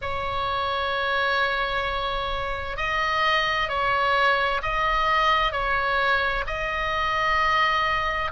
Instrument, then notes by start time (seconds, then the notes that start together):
oboe
0.01 C#5
2.77 D#5
3.68 C#5
4.62 D#5
5.52 C#5
6.46 D#5